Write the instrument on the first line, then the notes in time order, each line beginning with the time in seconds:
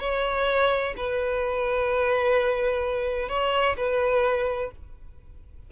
violin
0.00 C#5
0.97 B4
3.29 C#5
3.77 B4